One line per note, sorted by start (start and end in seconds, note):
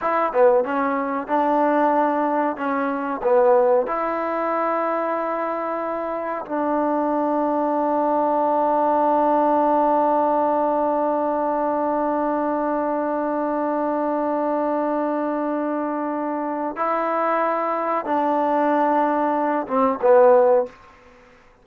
0.01 0.33 E4
0.33 0.64 B3
0.64 1.27 C#4
1.27 2.56 D4
2.56 3.21 C#4
3.22 3.87 B3
3.87 6.45 E4
6.45 16.76 D4
16.76 18.05 E4
18.05 19.66 D4
19.67 19.99 C4
20.01 20.66 B3